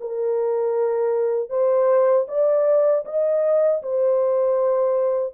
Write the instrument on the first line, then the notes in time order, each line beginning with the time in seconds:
horn
0.00 A#4
1.49 C5
2.28 D5
3.05 D#5
3.82 C5